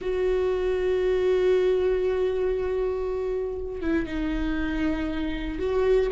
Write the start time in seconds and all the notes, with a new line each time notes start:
0.01 F#4
3.80 E4
4.06 D#4
5.59 F#4